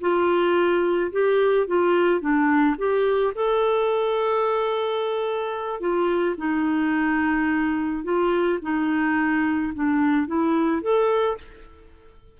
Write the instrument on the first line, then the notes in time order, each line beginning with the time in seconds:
clarinet
0.00 F4
1.11 G4
1.67 F4
2.20 D4
2.78 G4
3.35 A4
5.80 F4
6.37 D#4
8.03 F4
8.62 D#4
9.74 D4
10.27 E4
10.82 A4